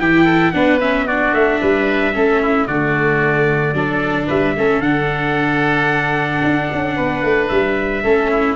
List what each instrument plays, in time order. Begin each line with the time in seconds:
0.00 tuba E3, viola E4, oboe G4, trumpet G5
0.24 oboe A4
0.52 tuba B3, viola D4, oboe B4, trumpet F#5
0.80 viola C#4, trumpet E5
1.06 viola D4, oboe F#4, trumpet D5
1.33 tuba A3, trumpet E5
1.61 tuba G3, oboe B4
2.13 tuba A3, viola C#4, oboe A4
2.42 oboe E4
2.67 tuba D3, viola A3, oboe F#4, trumpet D5
3.73 tuba F#3, viola D4, oboe A4
4.27 tuba G3, oboe B4, trumpet E5
4.57 tuba A3, viola C#4, oboe A4
4.79 tuba D3, viola D4, trumpet F#5
6.44 tuba D4
6.72 tuba C#4
6.96 tuba B3, oboe B4
7.23 tuba A3
7.48 tuba G3, trumpet E5
8.04 tuba A3, viola C#4, oboe A4
8.31 oboe E4